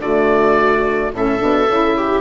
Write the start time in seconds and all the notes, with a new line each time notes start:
0.00 D3 A3 F#4 D5
1.14 A2 C#4 A4 E5
1.39 B2 D4
1.69 C#3 E4
1.98 G4